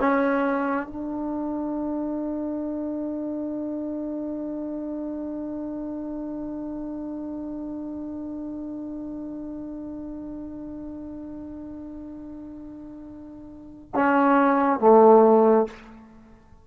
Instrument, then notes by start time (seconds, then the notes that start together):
trombone
0.00 C#4
0.87 D4
13.94 C#4
14.80 A3